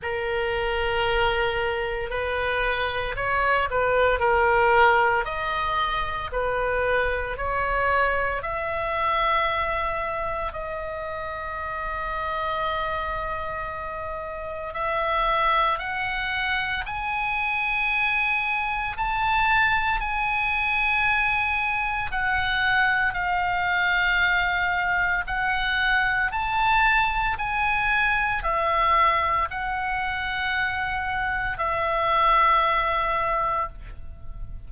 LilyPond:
\new Staff \with { instrumentName = "oboe" } { \time 4/4 \tempo 4 = 57 ais'2 b'4 cis''8 b'8 | ais'4 dis''4 b'4 cis''4 | e''2 dis''2~ | dis''2 e''4 fis''4 |
gis''2 a''4 gis''4~ | gis''4 fis''4 f''2 | fis''4 a''4 gis''4 e''4 | fis''2 e''2 | }